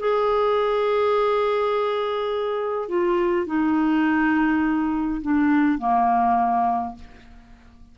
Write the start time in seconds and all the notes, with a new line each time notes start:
0.00 G#4
2.89 F4
3.47 D#4
5.22 D4
5.79 A#3